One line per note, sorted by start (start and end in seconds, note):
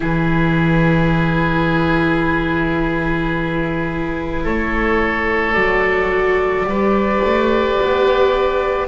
0.00 4.45 E3
0.00 5.55 E4
0.00 4.43 G#4
0.00 4.46 B4
4.43 5.54 A3
4.43 6.65 A4
4.43 5.52 C#5
5.52 6.64 F#3
5.52 6.66 F#4
5.52 8.86 D5
6.64 7.20 G3
6.64 8.87 G4
6.64 8.87 B4
7.24 7.80 A3
7.81 8.87 B3